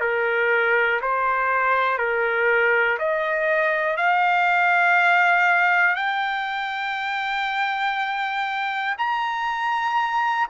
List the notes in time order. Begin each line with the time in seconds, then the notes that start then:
0.00 A#4
1.01 C5
1.98 A#4
2.98 D#5
3.97 F5
5.95 G5
8.98 A#5